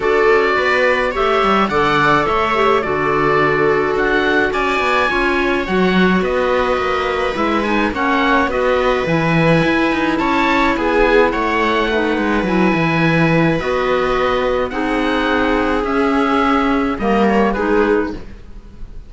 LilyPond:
<<
  \new Staff \with { instrumentName = "oboe" } { \time 4/4 \tempo 4 = 106 d''2 e''4 fis''4 | e''4 d''2 fis''4 | gis''2 fis''4 dis''4~ | dis''4 e''8 gis''8 fis''4 dis''4 |
gis''2 a''4 gis''4 | fis''2 gis''2 | dis''2 fis''2 | e''2 dis''8 cis''8 b'4 | }
  \new Staff \with { instrumentName = "viola" } { \time 4/4 a'4 b'4 cis''4 d''4 | cis''4 a'2. | d''4 cis''2 b'4~ | b'2 cis''4 b'4~ |
b'2 cis''4 gis'4 | cis''4 b'2.~ | b'2 gis'2~ | gis'2 ais'4 gis'4 | }
  \new Staff \with { instrumentName = "clarinet" } { \time 4/4 fis'2 g'4 a'4~ | a'8 g'8 fis'2.~ | fis'4 f'4 fis'2~ | fis'4 e'8 dis'8 cis'4 fis'4 |
e'1~ | e'4 dis'4 e'2 | fis'2 dis'2 | cis'2 ais4 dis'4 | }
  \new Staff \with { instrumentName = "cello" } { \time 4/4 d'8 cis'8 b4 a8 g8 d4 | a4 d2 d'4 | cis'8 b8 cis'4 fis4 b4 | ais4 gis4 ais4 b4 |
e4 e'8 dis'8 cis'4 b4 | a4. gis8 fis8 e4. | b2 c'2 | cis'2 g4 gis4 | }
>>